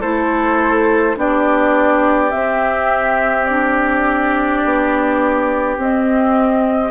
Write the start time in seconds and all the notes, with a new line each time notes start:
0.00 A3 E4 A4 C5
1.15 B3 D4 G4 D5
2.30 C4 E5
3.45 D4 D5
4.64 B3
5.77 C4 D#5